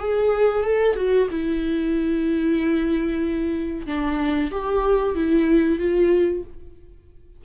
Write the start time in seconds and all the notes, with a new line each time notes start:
0.00 G#4
0.65 A4
0.97 F#4
1.31 E4
3.87 D4
4.52 G4
5.16 E4
5.79 F4